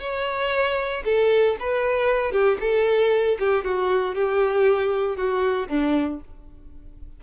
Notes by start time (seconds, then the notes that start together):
0.00 C#5
1.05 A4
1.59 B4
2.32 G4
2.60 A4
3.39 G4
3.64 F#4
4.15 G4
5.16 F#4
5.68 D4